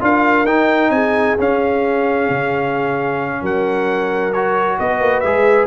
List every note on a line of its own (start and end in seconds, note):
0.00 0.45 D4
0.00 0.45 F4
0.00 0.92 A#4
0.00 0.46 F5
0.45 0.89 D#4
0.45 1.37 D#4
0.45 0.91 G5
0.89 1.35 C4
0.89 3.41 G#4
0.89 1.36 G#5
1.38 4.33 C#4
1.38 2.29 C#4
1.38 3.45 F5
2.29 3.41 C#3
3.41 4.78 F#3
3.41 4.77 A#4
3.41 4.32 F#5
4.32 5.24 F#4
4.32 4.78 C#5
4.79 5.00 B3
4.79 5.66 B4
4.79 5.20 D#5
5.00 5.23 A#3
5.20 5.66 G#3
5.20 5.66 G#4
5.20 5.65 E5